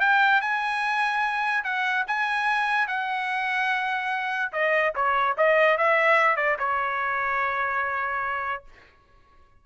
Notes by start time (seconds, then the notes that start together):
0.00 G5
0.41 G#5
1.64 F#5
2.07 G#5
2.87 F#5
4.52 D#5
4.95 C#5
5.37 D#5
5.77 E5
6.36 D5
6.58 C#5